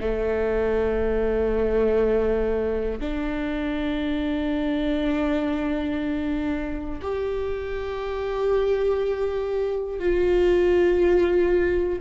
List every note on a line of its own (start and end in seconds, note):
0.00 3.00 A3
3.00 7.00 D4
7.01 10.00 G4
10.00 12.00 F4